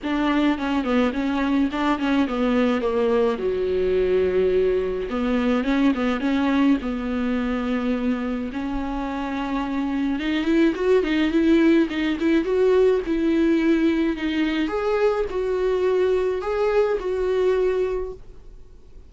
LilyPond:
\new Staff \with { instrumentName = "viola" } { \time 4/4 \tempo 4 = 106 d'4 cis'8 b8 cis'4 d'8 cis'8 | b4 ais4 fis2~ | fis4 b4 cis'8 b8 cis'4 | b2. cis'4~ |
cis'2 dis'8 e'8 fis'8 dis'8 | e'4 dis'8 e'8 fis'4 e'4~ | e'4 dis'4 gis'4 fis'4~ | fis'4 gis'4 fis'2 | }